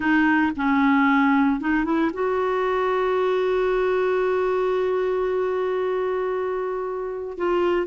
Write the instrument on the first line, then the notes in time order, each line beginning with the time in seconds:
clarinet
0.00 D#4
0.56 C#4
1.60 D#4
1.84 E4
2.13 F#4
7.37 F4